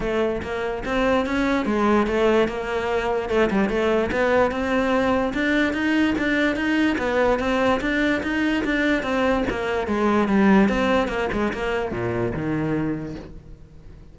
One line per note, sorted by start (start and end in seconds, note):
0.00 0.41 A3
0.42 0.83 A#3
0.85 1.25 C4
1.25 1.65 C#4
1.65 2.06 G#3
2.07 2.48 A3
2.48 3.29 A#3
3.29 3.49 A3
3.50 3.69 G3
3.69 4.10 A3
4.11 4.51 B3
4.51 5.33 C4
5.33 5.73 D4
5.73 6.14 D#4
6.18 6.55 D4
6.55 6.97 D#4
6.98 7.39 B3
7.39 7.80 C4
7.80 8.22 D4
8.22 8.63 D#4
8.64 9.02 D4
9.02 9.44 C4
9.49 9.87 A#3
9.87 10.27 G#3
10.27 10.68 G3
10.68 11.08 C4
11.08 11.28 A#3
11.32 11.52 G#3
11.53 11.91 A#3
11.91 12.33 A#2
12.33 13.15 D#3